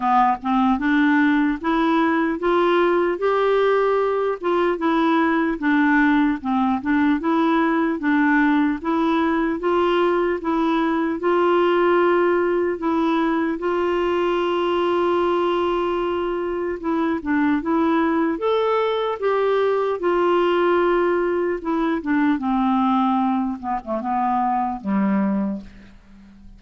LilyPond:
\new Staff \with { instrumentName = "clarinet" } { \time 4/4 \tempo 4 = 75 b8 c'8 d'4 e'4 f'4 | g'4. f'8 e'4 d'4 | c'8 d'8 e'4 d'4 e'4 | f'4 e'4 f'2 |
e'4 f'2.~ | f'4 e'8 d'8 e'4 a'4 | g'4 f'2 e'8 d'8 | c'4. b16 a16 b4 g4 | }